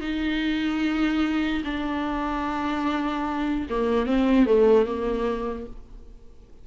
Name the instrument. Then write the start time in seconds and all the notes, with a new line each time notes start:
viola
0.00 D#4
1.64 D4
3.69 A#3
4.06 C4
4.46 A3
4.85 A#3